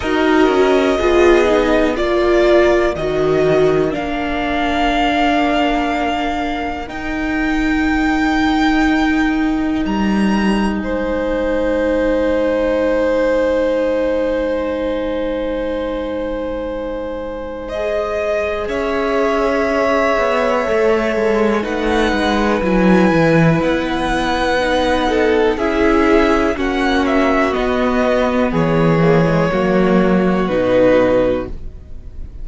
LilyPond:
<<
  \new Staff \with { instrumentName = "violin" } { \time 4/4 \tempo 4 = 61 dis''2 d''4 dis''4 | f''2. g''4~ | g''2 ais''4 gis''4~ | gis''1~ |
gis''2 dis''4 e''4~ | e''2 fis''4 gis''4 | fis''2 e''4 fis''8 e''8 | dis''4 cis''2 b'4 | }
  \new Staff \with { instrumentName = "violin" } { \time 4/4 ais'4 gis'4 ais'2~ | ais'1~ | ais'2. c''4~ | c''1~ |
c''2. cis''4~ | cis''2 b'2~ | b'4. a'8 gis'4 fis'4~ | fis'4 gis'4 fis'2 | }
  \new Staff \with { instrumentName = "viola" } { \time 4/4 fis'4 f'8 dis'8 f'4 fis'4 | d'2. dis'4~ | dis'1~ | dis'1~ |
dis'2 gis'2~ | gis'4 a'4 dis'4 e'4~ | e'4 dis'4 e'4 cis'4 | b4. ais16 gis16 ais4 dis'4 | }
  \new Staff \with { instrumentName = "cello" } { \time 4/4 dis'8 cis'8 b4 ais4 dis4 | ais2. dis'4~ | dis'2 g4 gis4~ | gis1~ |
gis2. cis'4~ | cis'8 b8 a8 gis8 a8 gis8 fis8 e8 | b2 cis'4 ais4 | b4 e4 fis4 b,4 | }
>>